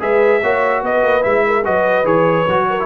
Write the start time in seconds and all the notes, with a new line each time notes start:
0.00 G#3 G#4 B4 E5
0.42 A#3 F#4 C#5
0.83 B3 B4 D#5
1.03 A#3
1.22 G#3 E4 E5
1.47 A#4
1.65 F#3 F#4 B4 D#5
2.04 E3 G#4 C#5
2.48 F#3 F#4
2.69 A#4
2.80 E4